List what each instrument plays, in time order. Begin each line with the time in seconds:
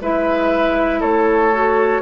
0.00 bassoon G#3, clarinet E4, oboe B4, flute E5
1.00 bassoon A3, oboe A4, flute C#5
1.52 clarinet F#4